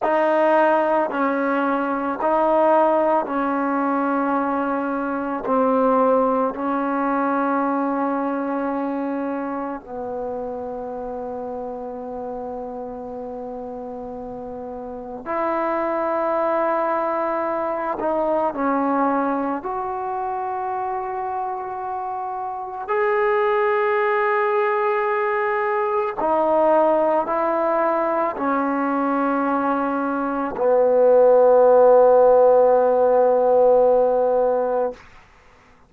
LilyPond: \new Staff \with { instrumentName = "trombone" } { \time 4/4 \tempo 4 = 55 dis'4 cis'4 dis'4 cis'4~ | cis'4 c'4 cis'2~ | cis'4 b2.~ | b2 e'2~ |
e'8 dis'8 cis'4 fis'2~ | fis'4 gis'2. | dis'4 e'4 cis'2 | b1 | }